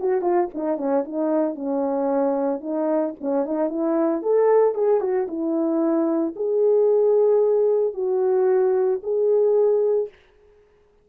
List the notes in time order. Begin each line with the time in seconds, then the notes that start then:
0.00 F#4
0.22 F4
0.54 D#4
0.78 C#4
1.05 D#4
1.55 C#4
2.61 D#4
3.21 C#4
3.46 D#4
3.70 E4
4.22 A4
4.75 G#4
5.01 F#4
5.28 E4
6.36 G#4
7.94 F#4
9.03 G#4